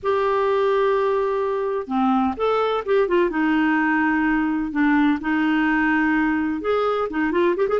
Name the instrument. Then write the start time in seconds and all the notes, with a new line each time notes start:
clarinet
0.02 G4
1.87 C4
2.36 A4
2.85 G4
3.08 F4
3.30 D#4
4.71 D4
5.20 D#4
6.61 G#4
7.10 D#4
7.31 F4
7.56 G4
7.68 G#4